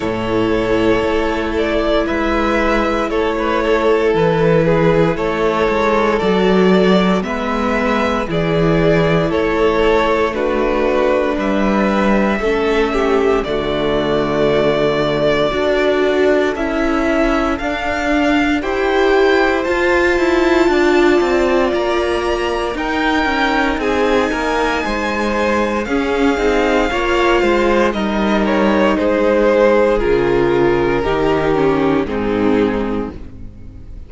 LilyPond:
<<
  \new Staff \with { instrumentName = "violin" } { \time 4/4 \tempo 4 = 58 cis''4. d''8 e''4 cis''4 | b'4 cis''4 d''4 e''4 | d''4 cis''4 b'4 e''4~ | e''4 d''2. |
e''4 f''4 g''4 a''4~ | a''4 ais''4 g''4 gis''4~ | gis''4 f''2 dis''8 cis''8 | c''4 ais'2 gis'4 | }
  \new Staff \with { instrumentName = "violin" } { \time 4/4 a'2 b'4 a'16 b'16 a'8~ | a'8 gis'8 a'2 b'4 | gis'4 a'4 fis'4 b'4 | a'8 g'8 fis'2 a'4~ |
a'2 c''2 | d''2 ais'4 gis'8 ais'8 | c''4 gis'4 cis''8 c''8 ais'4 | gis'2 g'4 dis'4 | }
  \new Staff \with { instrumentName = "viola" } { \time 4/4 e'1~ | e'2 fis'4 b4 | e'2 d'2 | cis'4 a2 fis'4 |
e'4 d'4 g'4 f'4~ | f'2 dis'2~ | dis'4 cis'8 dis'8 f'4 dis'4~ | dis'4 f'4 dis'8 cis'8 c'4 | }
  \new Staff \with { instrumentName = "cello" } { \time 4/4 a,4 a4 gis4 a4 | e4 a8 gis8 fis4 gis4 | e4 a2 g4 | a4 d2 d'4 |
cis'4 d'4 e'4 f'8 e'8 | d'8 c'8 ais4 dis'8 cis'8 c'8 ais8 | gis4 cis'8 c'8 ais8 gis8 g4 | gis4 cis4 dis4 gis,4 | }
>>